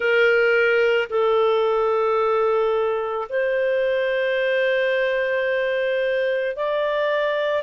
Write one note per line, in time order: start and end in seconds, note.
0.00 1.08 A#4
1.09 3.27 A4
3.29 6.56 C5
6.56 7.62 D5